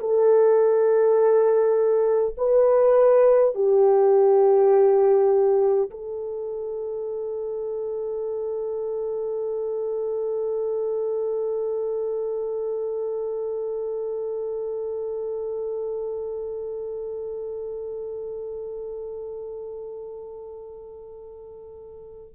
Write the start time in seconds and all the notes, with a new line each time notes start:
0.00 A4
2.37 B4
3.55 G4
5.91 A4